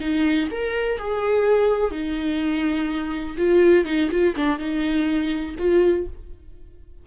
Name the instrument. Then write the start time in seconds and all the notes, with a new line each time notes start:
viola
0.00 D#4
0.51 A#4
0.98 G#4
1.91 D#4
3.37 F4
3.85 D#4
4.11 F4
4.35 D4
4.58 D#4
5.58 F4